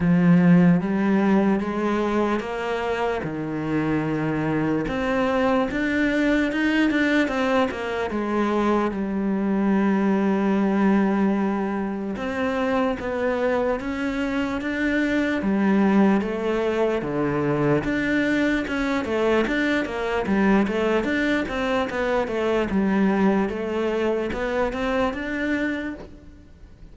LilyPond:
\new Staff \with { instrumentName = "cello" } { \time 4/4 \tempo 4 = 74 f4 g4 gis4 ais4 | dis2 c'4 d'4 | dis'8 d'8 c'8 ais8 gis4 g4~ | g2. c'4 |
b4 cis'4 d'4 g4 | a4 d4 d'4 cis'8 a8 | d'8 ais8 g8 a8 d'8 c'8 b8 a8 | g4 a4 b8 c'8 d'4 | }